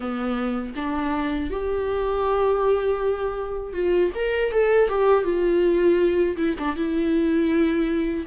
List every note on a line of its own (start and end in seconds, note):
0.00 0.73 B3
0.75 1.50 D4
1.50 3.73 G4
3.73 4.10 F4
4.15 4.51 A#4
4.51 4.88 A4
4.88 5.24 G4
5.24 6.36 F4
6.36 6.55 E4
6.58 6.75 D4
6.75 8.25 E4